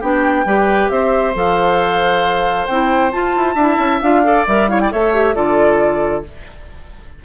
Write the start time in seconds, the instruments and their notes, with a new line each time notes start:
0.00 bassoon B3, clarinet D4, oboe G4, flute G5
0.45 bassoon G3, clarinet G4, oboe B4
0.89 bassoon C4, oboe C5, flute E5
1.34 bassoon F3, clarinet A4, flute F5
2.66 bassoon C4, clarinet E4, flute G5
3.11 clarinet F4, bassoon F4, flute A5
3.36 bassoon E4
3.54 bassoon D4, clarinet E4, oboe E5
3.78 bassoon C#4
4.01 bassoon D4, clarinet F4, flute F5
4.24 clarinet A4, oboe D5
4.47 bassoon G3, clarinet A#4, flute E5
4.68 clarinet E4, oboe C#5, flute F5
4.79 oboe D5, flute G5
4.91 bassoon A3, clarinet A4, oboe C#5, flute E5
5.13 clarinet G4
5.35 bassoon D3, clarinet F4, oboe A4, flute D5